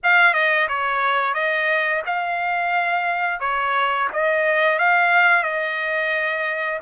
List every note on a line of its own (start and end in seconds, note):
0.03 0.33 F5
0.33 0.67 D#5
0.68 1.34 C#5
1.34 2.02 D#5
2.06 3.40 F5
3.40 4.08 C#5
4.12 4.78 D#5
4.78 5.43 F5
5.43 6.79 D#5